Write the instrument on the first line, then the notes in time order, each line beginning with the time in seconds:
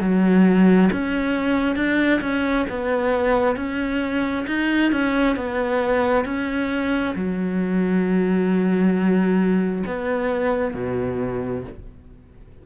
cello
0.00 F#3
0.92 C#4
1.76 D4
2.21 C#4
2.69 B3
3.56 C#4
4.47 D#4
4.92 C#4
5.36 B3
6.25 C#4
7.15 F#3
9.86 B3
10.74 B2